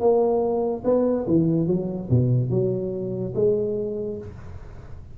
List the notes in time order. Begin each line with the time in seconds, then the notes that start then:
0.00 A#3
0.84 B3
1.27 E3
1.67 F#3
2.10 B2
2.50 F#3
3.35 G#3